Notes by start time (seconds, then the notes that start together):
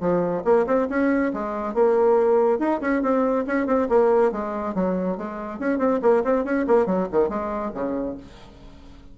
0.00 F3
0.44 A#3
0.67 C4
0.89 C#4
1.33 G#3
1.74 A#3
2.59 D#4
2.81 C#4
3.02 C4
3.47 C#4
3.66 C4
3.89 A#3
4.32 G#3
4.75 F#3
5.17 G#3
5.59 C#4
5.79 C4
6.02 A#3
6.24 C4
6.44 C#4
6.67 A#3
6.86 F#3
7.12 D#3
7.29 G#3
7.74 C#3